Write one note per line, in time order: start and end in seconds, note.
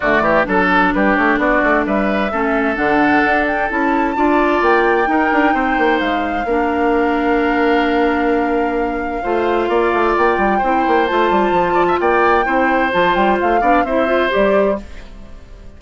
0.00 0.20 D3
0.00 0.44 A3
0.00 0.22 F#4
0.00 0.45 D5
0.20 0.44 E3
0.20 0.46 G4
0.44 0.93 F#3
0.44 2.29 D4
0.44 0.94 A4
0.44 0.93 A4
0.93 1.17 G3
0.93 1.39 G4
0.93 1.15 B4
1.15 1.38 A3
1.15 1.38 C#5
1.38 1.61 B3
1.38 1.85 F#4
1.38 1.85 D5
1.63 1.86 A3
1.86 2.32 G3
1.86 2.31 B4
1.86 2.75 E5
2.31 2.77 A3
2.31 2.75 C#4
2.31 4.16 A4
2.75 3.23 D3
2.75 3.67 D4
2.75 3.45 F#5
3.24 3.70 D4
3.47 3.70 G5
3.69 4.16 C#4
3.69 4.15 E4
3.69 4.63 A5
4.15 4.61 D4
4.15 5.05 F4
4.15 5.09 D5
4.61 5.07 A#3
4.61 5.99 G5
5.05 6.44 D#4
5.05 5.30 D#4
5.05 5.54 A#4
5.32 5.54 D4
5.54 5.77 C4
5.54 6.46 C5
5.77 6.00 A#3
5.99 6.45 G#3
5.99 10.15 F5
6.45 9.21 A#3
6.45 9.23 D4
6.45 9.23 A#4
9.23 9.68 A3
9.23 10.61 F4
9.23 9.69 C5
9.68 9.92 A#3
9.68 10.58 D5
9.93 10.16 A3
10.17 10.37 A#3
10.17 11.06 G5
10.37 10.60 G3
10.58 10.86 C4
10.58 11.08 E4
10.58 11.73 C5
10.87 11.10 A#3
11.06 11.30 A3
11.06 12.44 F4
11.06 11.99 A5
11.30 11.51 G3
11.51 11.97 F3
11.74 11.85 D5
11.87 11.99 E5
11.99 12.46 A#3
11.99 12.45 D5
11.99 12.92 G5
12.44 12.92 C4
12.44 12.90 E4
12.44 13.60 C5
12.91 13.15 F3
12.91 13.61 F4
12.91 13.14 A5
13.14 13.38 G3
13.14 13.37 G5
13.40 13.61 A3
13.40 13.85 F5
13.60 13.83 B3
13.60 13.84 D4
13.60 13.84 D5
13.83 14.29 C4
13.83 14.06 E4
13.83 14.77 C5
13.83 14.31 E5
14.06 14.29 F4
14.29 14.81 G3
14.29 14.75 G4
14.29 14.79 D5